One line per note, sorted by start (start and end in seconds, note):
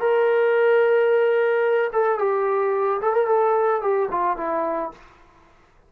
0.00 1.91 A#4
1.93 2.19 A4
2.19 3.00 G4
3.01 3.14 A4
3.14 3.27 A#4
3.27 3.82 A4
3.82 4.09 G4
4.11 4.37 F4
4.37 4.92 E4